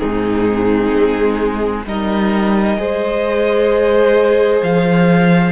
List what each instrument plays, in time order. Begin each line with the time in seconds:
0.00 cello G#2, viola C4, violin D#4 G#4
0.93 cello G#3
1.85 cello G3, viola D#4, violin A#4 D#5
2.77 cello G#3, viola G#4, violin C5
4.62 cello F3, violin F5